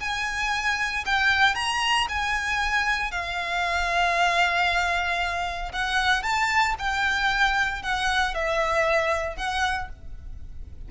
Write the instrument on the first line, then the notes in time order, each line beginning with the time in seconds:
violin
0.00 G#5
1.06 G5
1.55 A#5
2.09 G#5
3.11 F5
5.73 F#5
6.23 A5
6.79 G5
7.83 F#5
8.35 E5
9.37 F#5